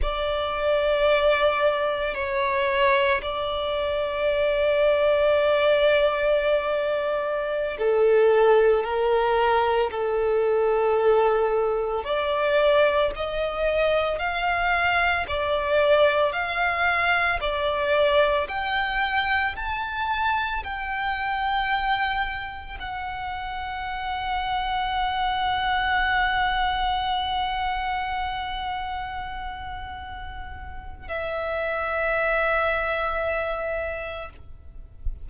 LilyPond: \new Staff \with { instrumentName = "violin" } { \time 4/4 \tempo 4 = 56 d''2 cis''4 d''4~ | d''2.~ d''16 a'8.~ | a'16 ais'4 a'2 d''8.~ | d''16 dis''4 f''4 d''4 f''8.~ |
f''16 d''4 g''4 a''4 g''8.~ | g''4~ g''16 fis''2~ fis''8.~ | fis''1~ | fis''4 e''2. | }